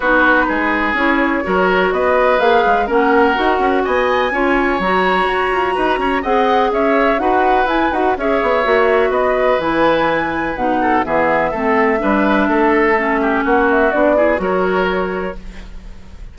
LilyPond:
<<
  \new Staff \with { instrumentName = "flute" } { \time 4/4 \tempo 4 = 125 b'2 cis''2 | dis''4 f''4 fis''2 | gis''2 ais''2~ | ais''4 fis''4 e''4 fis''4 |
gis''8 fis''8 e''2 dis''4 | gis''2 fis''4 e''4~ | e''1 | fis''8 e''8 d''4 cis''2 | }
  \new Staff \with { instrumentName = "oboe" } { \time 4/4 fis'4 gis'2 ais'4 | b'2 ais'2 | dis''4 cis''2. | b'8 cis''8 dis''4 cis''4 b'4~ |
b'4 cis''2 b'4~ | b'2~ b'8 a'8 gis'4 | a'4 b'4 a'4. g'8 | fis'4. gis'8 ais'2 | }
  \new Staff \with { instrumentName = "clarinet" } { \time 4/4 dis'2 e'4 fis'4~ | fis'4 gis'4 cis'4 fis'4~ | fis'4 f'4 fis'2~ | fis'4 gis'2 fis'4 |
e'8 fis'8 gis'4 fis'2 | e'2 dis'4 b4 | c'4 d'2 cis'4~ | cis'4 d'8 e'8 fis'2 | }
  \new Staff \with { instrumentName = "bassoon" } { \time 4/4 b4 gis4 cis'4 fis4 | b4 ais8 gis8 ais4 dis'8 cis'8 | b4 cis'4 fis4 fis'8 f'8 | dis'8 cis'8 c'4 cis'4 dis'4 |
e'8 dis'8 cis'8 b8 ais4 b4 | e2 b,4 e4 | a4 g4 a2 | ais4 b4 fis2 | }
>>